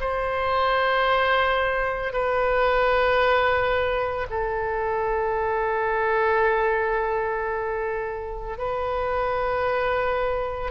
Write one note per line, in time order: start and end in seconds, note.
0.00 2.12 C5
2.12 4.27 B4
4.30 8.58 A4
8.58 10.71 B4